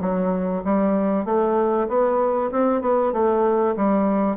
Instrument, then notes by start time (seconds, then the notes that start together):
bassoon
0.00 F#3
0.64 G3
1.25 A3
1.88 B3
2.51 C4
2.81 B3
3.12 A3
3.76 G3